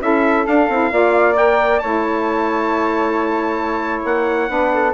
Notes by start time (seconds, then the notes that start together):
0.00 C#4 E4 A4 E5
0.46 D4 F5
0.68 C4 E4
0.91 A#3 F4 D5
1.34 A#4 G5
1.79 A3 E4 C#5 A5
4.04 A#3 F#5
4.48 B3 D4 B4
4.73 A4